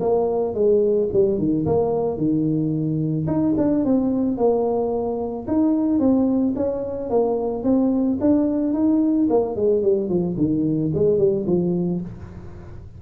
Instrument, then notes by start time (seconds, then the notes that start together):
tuba
0.00 A#3
0.54 G#3
1.13 G3
1.38 D#3
1.66 A#3
2.17 D#3
3.27 D#4
3.57 D4
3.85 C4
4.37 A#3
5.47 D#4
5.99 C4
6.56 C#4
7.10 A#3
7.63 C4
8.21 D4
8.73 D#4
9.30 A#3
9.56 G#3
9.82 G3
10.09 F3
10.37 D#3
10.94 G#3
11.18 G3
11.46 F3